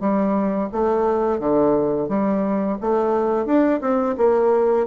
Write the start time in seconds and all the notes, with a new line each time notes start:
0.00 G3
0.72 A3
1.39 D3
2.08 G3
2.81 A3
3.46 D4
3.81 C4
4.17 A#3